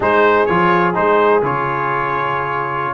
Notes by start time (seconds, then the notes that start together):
0.00 G#3 D#4 G#4 C5
0.46 F3 F4 C#5
0.94 G#3 D#4 C5
1.42 C#3 F4 C#5